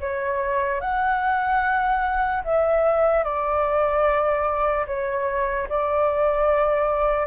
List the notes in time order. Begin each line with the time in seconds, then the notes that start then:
0.00 C#5
0.81 F#5
2.44 E5
3.24 D5
4.86 C#5
5.69 D5